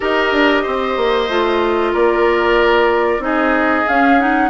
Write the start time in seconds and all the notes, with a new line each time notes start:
0.00 D#4 G4 A#4 D#5
0.32 D4
0.62 C4 C5
0.96 A#3
1.28 A3 F4
1.92 A#3 A#4 D5
3.18 C4 D#4 G#4 D#5
3.88 C#4 F5
4.19 D#4 F#5